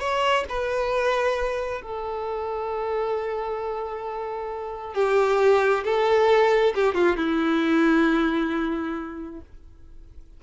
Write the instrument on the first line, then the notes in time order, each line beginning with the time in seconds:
violin
0.00 C#5
0.49 B4
1.82 A4
4.95 G4
5.84 A4
6.75 G4
6.94 F4
7.17 E4